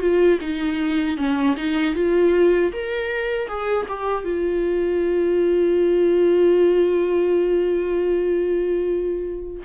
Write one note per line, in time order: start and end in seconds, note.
0.00 0.38 F4
0.40 1.17 D#4
1.17 1.55 C#4
1.57 1.95 D#4
1.95 2.72 F4
2.72 3.48 A#4
3.48 3.86 G#4
3.88 4.24 G4
4.24 9.63 F4